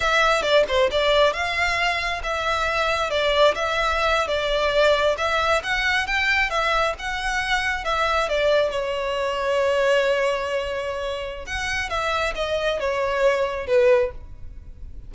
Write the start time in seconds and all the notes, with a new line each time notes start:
0.00 E5
0.42 D5
0.68 C5
0.91 D5
1.33 F5
2.23 E5
3.10 D5
3.54 E5
4.27 D5
5.17 E5
5.63 F#5
6.06 G5
6.50 E5
6.98 F#5
7.84 E5
8.28 D5
8.70 C#5
11.46 F#5
11.89 E5
12.35 D#5
12.79 C#5
13.67 B4